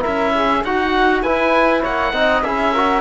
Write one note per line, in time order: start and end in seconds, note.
0.00 0.60 E4
0.00 0.32 A#4
0.00 0.64 E5
0.07 0.64 C#4
0.35 0.65 G#4
0.64 1.23 D#4
0.64 1.25 F#4
0.64 1.23 F#4
0.64 1.23 F#5
1.23 1.83 E4
1.23 2.14 E4
1.23 1.82 B4
1.23 1.83 G#5
1.82 2.13 A#3
1.82 2.12 C#5
1.82 2.43 F#5
2.13 2.43 C4
2.13 2.44 D#4
2.13 2.45 D#5
2.43 3.02 C#4
2.43 2.75 E4
2.43 2.73 G#4
2.43 3.02 E5
2.73 3.02 F#4
2.73 3.02 A#4